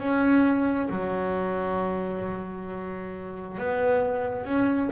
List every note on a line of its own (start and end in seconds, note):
0.00 0.90 C#4
0.90 3.58 F#3
3.58 4.45 B3
4.45 4.90 C#4